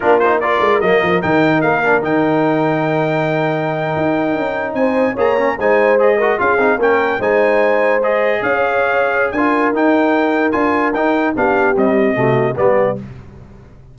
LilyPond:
<<
  \new Staff \with { instrumentName = "trumpet" } { \time 4/4 \tempo 4 = 148 ais'8 c''8 d''4 dis''4 g''4 | f''4 g''2.~ | g''2.~ g''8. gis''16~ | gis''8. ais''4 gis''4 dis''4 f''16~ |
f''8. g''4 gis''2 dis''16~ | dis''8. f''2~ f''16 gis''4 | g''2 gis''4 g''4 | f''4 dis''2 d''4 | }
  \new Staff \with { instrumentName = "horn" } { \time 4/4 f'4 ais'2.~ | ais'1~ | ais'2.~ ais'8. c''16~ | c''8. cis''4 c''4. ais'8 gis'16~ |
gis'8. ais'4 c''2~ c''16~ | c''8. cis''2~ cis''16 ais'4~ | ais'1 | g'2 fis'4 g'4 | }
  \new Staff \with { instrumentName = "trombone" } { \time 4/4 d'8 dis'8 f'4 ais4 dis'4~ | dis'8 d'8 dis'2.~ | dis'1~ | dis'8. gis'8 cis'8 dis'4 gis'8 fis'8 f'16~ |
f'16 dis'8 cis'4 dis'2 gis'16~ | gis'2. f'4 | dis'2 f'4 dis'4 | d'4 g4 a4 b4 | }
  \new Staff \with { instrumentName = "tuba" } { \time 4/4 ais4. gis8 fis8 f8 dis4 | ais4 dis2.~ | dis4.~ dis16 dis'4 cis'4 c'16~ | c'8. ais4 gis2 cis'16~ |
cis'16 c'8 ais4 gis2~ gis16~ | gis8. cis'2~ cis'16 d'4 | dis'2 d'4 dis'4 | b4 c'4 c4 g4 | }
>>